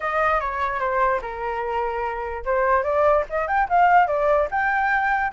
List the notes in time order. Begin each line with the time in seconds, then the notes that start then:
0.00 D#5
0.40 C#5
0.79 C5
1.21 A#4
2.45 C5
2.83 D5
3.29 D#5
3.47 G5
3.69 F5
4.07 D5
4.50 G5